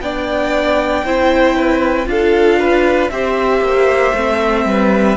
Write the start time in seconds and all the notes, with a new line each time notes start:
0.00 B3 D4 D5 G5
1.04 C4 E4 C5
1.55 B4
2.06 D4 F4 A4 F5
2.59 B4
3.10 C4 G4 C5 E5
3.60 A#3
4.14 A3 C4
4.65 G3 B4